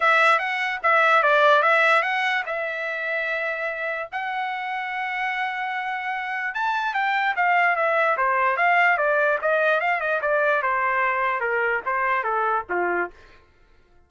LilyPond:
\new Staff \with { instrumentName = "trumpet" } { \time 4/4 \tempo 4 = 147 e''4 fis''4 e''4 d''4 | e''4 fis''4 e''2~ | e''2 fis''2~ | fis''1 |
a''4 g''4 f''4 e''4 | c''4 f''4 d''4 dis''4 | f''8 dis''8 d''4 c''2 | ais'4 c''4 a'4 f'4 | }